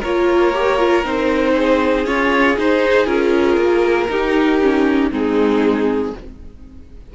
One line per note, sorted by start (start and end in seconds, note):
0.00 1.05 A#3
0.00 0.53 F4
0.00 1.53 A#4
0.00 1.05 C#5
0.53 0.79 G4
0.79 1.04 F4
1.04 2.06 C4
1.04 2.05 D#4
1.04 2.06 C5
1.56 4.10 G#4
2.05 2.56 C#4
2.05 2.57 F4
2.05 2.57 C#5
2.58 3.06 D#4
2.58 3.07 D#4
2.58 3.06 C5
3.06 3.57 C#4
3.06 4.08 F4
3.06 5.10 A#4
3.57 4.08 A#3
4.09 5.11 D#4
4.09 4.61 D#4
4.09 5.12 G4
4.61 5.11 C#4
5.11 6.13 G#3
5.11 6.13 C4
5.11 6.13 D#4
5.11 6.15 G#4